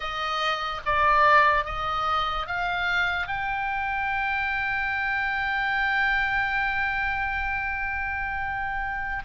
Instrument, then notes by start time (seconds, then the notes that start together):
oboe
0.00 D#5
0.85 D5
1.64 D#5
2.46 F5
3.27 G5